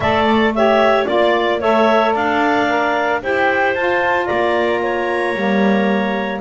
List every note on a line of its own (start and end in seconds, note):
0.00 1.05 A3
0.00 0.55 A4
0.00 0.55 D5
0.00 0.25 E5
0.26 0.53 D5
0.54 1.06 G4
0.54 1.09 C#5
0.54 1.05 E5
1.05 1.62 A#3
1.05 1.59 F4
1.05 1.59 D5
1.05 1.60 D5
1.60 2.15 A3
1.60 2.68 A4
1.60 2.13 C#5
1.60 2.15 E5
2.13 3.22 D4
2.13 3.20 D5
2.13 3.22 F5
2.68 3.21 A#4
3.22 3.75 E4
3.22 3.75 G4
3.22 4.26 C5
3.22 3.74 G5
3.74 4.29 F4
3.74 5.35 F4
3.74 4.26 A5
4.26 5.35 A#3
4.26 4.80 D5
4.26 6.40 A#5
4.83 6.41 C#5
5.35 6.41 G3
5.35 6.41 A#3